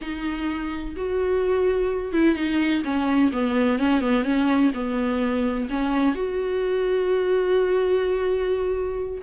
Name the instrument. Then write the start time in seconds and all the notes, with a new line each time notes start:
viola
0.01 D#4
0.96 F#4
2.13 E4
2.35 D#4
2.84 C#4
3.32 B3
3.78 C#4
4.00 B3
4.24 C#4
4.74 B3
5.69 C#4
6.14 F#4